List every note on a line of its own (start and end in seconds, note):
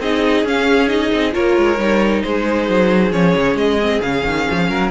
0.00 0.44 C4
0.00 0.46 D#4
0.00 1.33 G#4
0.00 0.46 D#5
0.44 1.11 C#4
0.44 0.87 C#4
0.44 0.89 F5
0.87 1.32 D#4
0.87 1.33 D#5
1.12 1.35 C4
1.32 1.57 A#3
1.32 1.77 F4
1.32 2.23 A#4
1.32 2.23 C#5
1.57 1.78 G#3
1.78 2.23 G3
1.78 3.11 D#4
2.23 2.69 G#3
2.23 4.69 G#4
2.23 3.12 C5
2.69 3.12 F#3
3.11 3.35 F3
3.11 3.79 C#4
3.11 3.57 C#5
3.35 3.55 C#3
3.55 4.00 G#3
3.55 4.01 D#5
3.81 4.03 C4
4.01 4.25 C#3
4.01 4.91 C#4
4.01 4.91 F5
4.25 4.48 D#3
4.50 4.70 F3
4.69 4.91 F#3
4.69 4.91 A#4